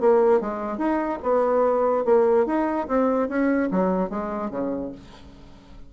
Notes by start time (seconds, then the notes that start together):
0.00 A#3
0.40 G#3
0.78 D#4
1.22 B3
2.05 A#3
2.46 D#4
2.87 C4
3.28 C#4
3.71 F#3
4.09 G#3
4.50 C#3